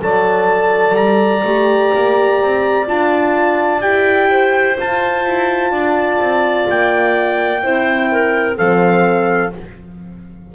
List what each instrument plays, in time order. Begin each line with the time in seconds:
0.00 double bass F#3, horn A4, clarinet D5, trumpet A5
0.95 double bass G3, trumpet A#5
1.45 double bass A3, horn G4
1.95 double bass A#3
2.42 double bass C4
2.87 double bass D4, horn F4, trumpet A5
3.81 double bass E4, horn G4, trumpet G5
4.31 clarinet C5
4.78 horn F4, double bass F4, trumpet A5
5.26 double bass E4
5.72 double bass D4, clarinet D5
6.20 double bass C4
6.70 double bass A#3, trumpet G5
7.63 double bass C4, horn E4, clarinet C5
8.12 clarinet A#4
8.58 double bass F3, horn C4, clarinet A4, trumpet F5